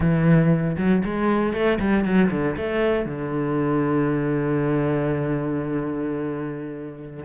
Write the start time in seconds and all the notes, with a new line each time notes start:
0.00 E3
0.77 F#3
1.04 G#3
1.53 A3
1.79 G3
2.05 F#3
2.30 D3
2.56 A3
3.05 D3